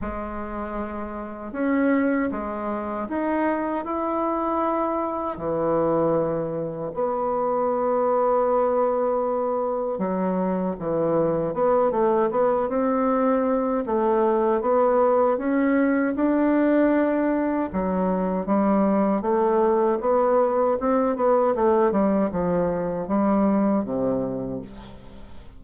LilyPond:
\new Staff \with { instrumentName = "bassoon" } { \time 4/4 \tempo 4 = 78 gis2 cis'4 gis4 | dis'4 e'2 e4~ | e4 b2.~ | b4 fis4 e4 b8 a8 |
b8 c'4. a4 b4 | cis'4 d'2 fis4 | g4 a4 b4 c'8 b8 | a8 g8 f4 g4 c4 | }